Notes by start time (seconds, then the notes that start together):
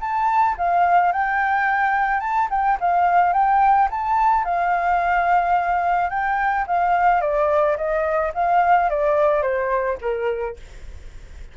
0.00 A5
0.57 F5
1.12 G5
2.20 A5
2.50 G5
2.80 F5
3.33 G5
3.90 A5
4.44 F5
6.10 G5
6.67 F5
7.21 D5
7.77 D#5
8.34 F5
8.89 D5
9.42 C5
10.01 A#4